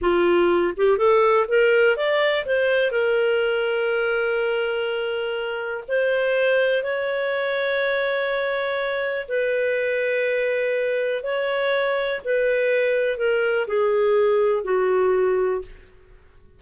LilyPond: \new Staff \with { instrumentName = "clarinet" } { \time 4/4 \tempo 4 = 123 f'4. g'8 a'4 ais'4 | d''4 c''4 ais'2~ | ais'1 | c''2 cis''2~ |
cis''2. b'4~ | b'2. cis''4~ | cis''4 b'2 ais'4 | gis'2 fis'2 | }